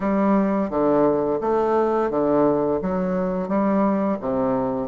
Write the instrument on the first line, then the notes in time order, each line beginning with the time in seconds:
bassoon
0.00 G3
0.69 D3
1.40 A3
2.10 D3
2.82 F#3
3.48 G3
4.20 C3